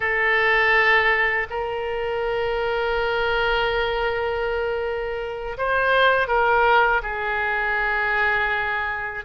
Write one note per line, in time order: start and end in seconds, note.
0.00 1.46 A4
1.49 5.57 A#4
5.57 6.27 C5
6.27 7.01 A#4
7.02 9.24 G#4